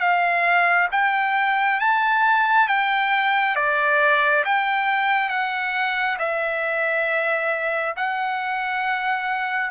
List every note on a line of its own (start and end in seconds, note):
0.00 0.88 F5
0.91 1.80 G5
1.80 2.68 A5
2.68 3.56 G5
3.56 4.44 D5
4.44 5.29 G5
5.29 6.17 F#5
6.18 7.95 E5
7.96 9.70 F#5